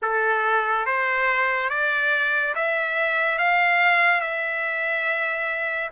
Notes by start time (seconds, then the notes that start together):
0.02 A4
0.86 C5
1.69 D5
2.55 E5
3.38 F5
4.20 E5